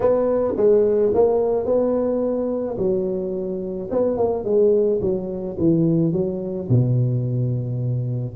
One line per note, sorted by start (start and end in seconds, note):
0.00 0.54 B3
0.56 1.12 G#3
1.14 1.65 A#3
1.65 2.77 B3
2.78 3.89 F#3
3.90 4.17 B3
4.17 4.44 A#3
4.44 4.99 G#3
5.01 5.57 F#3
5.58 6.12 E3
6.12 6.68 F#3
6.69 8.35 B2